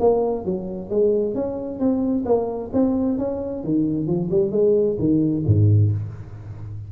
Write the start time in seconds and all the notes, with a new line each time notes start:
0.00 A#3
0.45 F#3
0.90 G#3
1.35 C#4
1.80 C4
2.26 A#3
2.73 C4
3.18 C#4
3.64 D#3
4.07 F3
4.31 G3
4.52 G#3
4.99 D#3
5.46 G#2